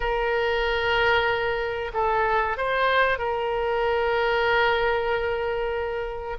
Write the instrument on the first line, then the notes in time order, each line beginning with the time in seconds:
oboe
0.00 A#4
1.93 A4
2.57 C5
3.18 A#4